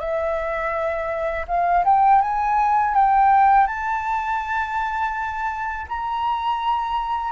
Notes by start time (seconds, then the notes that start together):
0.00 E5
1.48 F5
1.85 G5
2.22 G#5
2.95 G5
3.67 A5
5.89 A#5